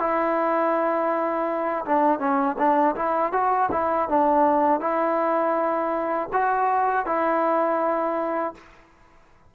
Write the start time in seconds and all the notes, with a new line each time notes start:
0.00 E4
1.86 D4
2.20 C#4
2.59 D4
2.96 E4
3.33 F#4
3.72 E4
4.09 D4
4.81 E4
6.33 F#4
7.07 E4